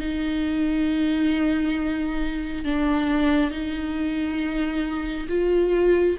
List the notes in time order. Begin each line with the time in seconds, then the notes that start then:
0.00 D#4
2.65 D4
3.51 D#4
5.29 F4